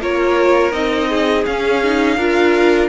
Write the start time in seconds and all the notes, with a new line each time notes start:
0.00 A#3 F4 A#4 C#5
0.72 C4 D#4 D#5
1.09 G#4
1.46 C#4 F5
1.83 D#4
2.17 D4 F4 A#4